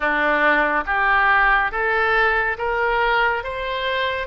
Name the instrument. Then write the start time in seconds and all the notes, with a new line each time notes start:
oboe
0.00 D4
0.86 G4
1.71 A4
2.58 A#4
3.43 C5